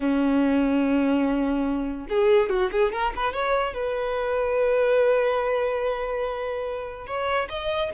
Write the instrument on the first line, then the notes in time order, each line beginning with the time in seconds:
violin
0.00 C#4
2.09 G#4
2.49 F#4
2.71 G#4
2.92 A#4
3.16 B4
3.33 C#5
3.74 B4
7.06 C#5
7.49 D#5